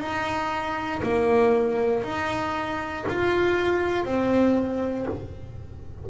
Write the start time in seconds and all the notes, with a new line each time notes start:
0.00 D#4
1.03 A#3
2.04 D#4
3.09 F4
4.05 C4